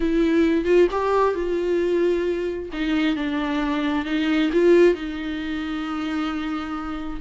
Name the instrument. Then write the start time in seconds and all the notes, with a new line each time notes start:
viola
0.00 E4
0.65 F4
0.91 G4
1.34 F4
2.73 D#4
3.16 D4
4.05 D#4
4.52 F4
4.94 D#4